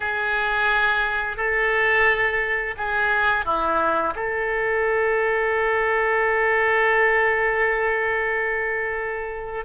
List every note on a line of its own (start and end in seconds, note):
0.00 1.36 G#4
1.36 2.74 A4
2.77 3.45 G#4
3.45 4.14 E4
4.15 9.65 A4